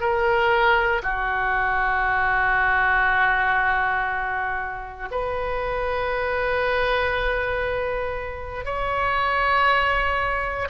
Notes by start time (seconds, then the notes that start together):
0.00 A#4
1.02 F#4
5.10 B4
8.64 C#5